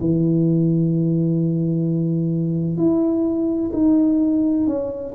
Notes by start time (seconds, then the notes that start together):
0.00 E3
2.77 E4
3.72 D#4
4.66 C#4